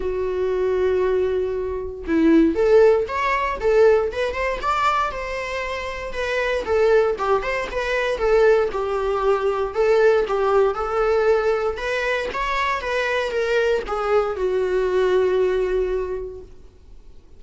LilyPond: \new Staff \with { instrumentName = "viola" } { \time 4/4 \tempo 4 = 117 fis'1 | e'4 a'4 cis''4 a'4 | b'8 c''8 d''4 c''2 | b'4 a'4 g'8 c''8 b'4 |
a'4 g'2 a'4 | g'4 a'2 b'4 | cis''4 b'4 ais'4 gis'4 | fis'1 | }